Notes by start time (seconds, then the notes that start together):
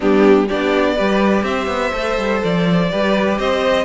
0.00 G3 B3 D4 G4
0.47 B3 D4 G4 D5
0.96 G3 G4 B4
1.43 C4 C5 E5
1.67 B3
1.93 A3 A4
2.17 G3
2.44 F3 D5
2.90 G3 G4 B4
3.38 C4 C5 D#5